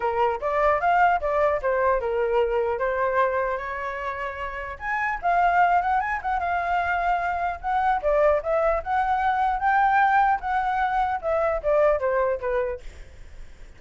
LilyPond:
\new Staff \with { instrumentName = "flute" } { \time 4/4 \tempo 4 = 150 ais'4 d''4 f''4 d''4 | c''4 ais'2 c''4~ | c''4 cis''2. | gis''4 f''4. fis''8 gis''8 fis''8 |
f''2. fis''4 | d''4 e''4 fis''2 | g''2 fis''2 | e''4 d''4 c''4 b'4 | }